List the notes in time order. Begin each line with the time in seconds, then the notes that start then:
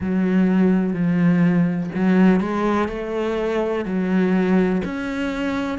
0.00 F#3
0.93 F3
1.94 F#3
2.40 G#3
2.88 A3
3.84 F#3
4.84 C#4